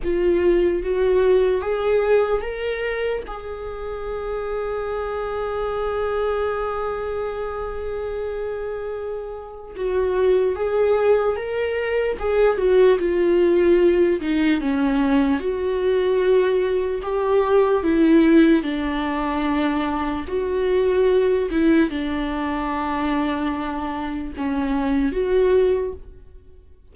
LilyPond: \new Staff \with { instrumentName = "viola" } { \time 4/4 \tempo 4 = 74 f'4 fis'4 gis'4 ais'4 | gis'1~ | gis'1 | fis'4 gis'4 ais'4 gis'8 fis'8 |
f'4. dis'8 cis'4 fis'4~ | fis'4 g'4 e'4 d'4~ | d'4 fis'4. e'8 d'4~ | d'2 cis'4 fis'4 | }